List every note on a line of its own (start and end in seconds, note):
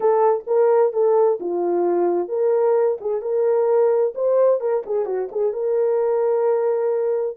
0.00 0.44 A4
0.46 0.92 A#4
0.92 1.38 A4
1.40 2.28 F4
2.28 2.97 A#4
3.00 3.21 G#4
3.21 4.13 A#4
4.14 4.60 C5
4.60 4.83 A#4
4.86 5.05 G#4
5.05 5.28 F#4
5.31 5.53 G#4
5.53 7.37 A#4